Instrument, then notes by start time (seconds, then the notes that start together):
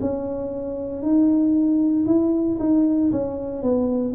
tuba
0.00 C#4
1.02 D#4
2.06 E4
2.59 D#4
3.11 C#4
3.62 B3